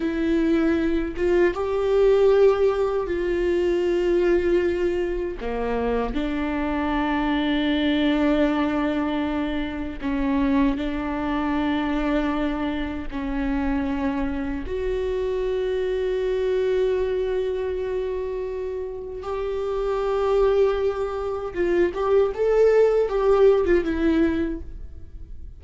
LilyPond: \new Staff \with { instrumentName = "viola" } { \time 4/4 \tempo 4 = 78 e'4. f'8 g'2 | f'2. ais4 | d'1~ | d'4 cis'4 d'2~ |
d'4 cis'2 fis'4~ | fis'1~ | fis'4 g'2. | f'8 g'8 a'4 g'8. f'16 e'4 | }